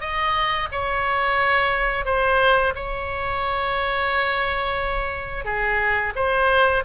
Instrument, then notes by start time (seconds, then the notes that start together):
oboe
0.00 D#5
0.71 C#5
2.05 C5
2.75 C#5
5.45 G#4
6.15 C5